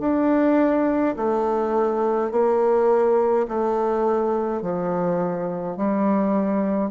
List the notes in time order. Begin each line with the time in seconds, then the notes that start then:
0.00 D4
1.16 A3
2.31 A#3
3.48 A3
4.62 F3
5.77 G3